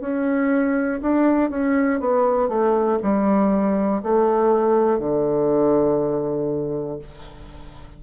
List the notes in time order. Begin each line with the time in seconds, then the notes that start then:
0.00 C#4
1.01 D4
1.50 C#4
2.00 B3
2.48 A3
3.02 G3
4.03 A3
4.99 D3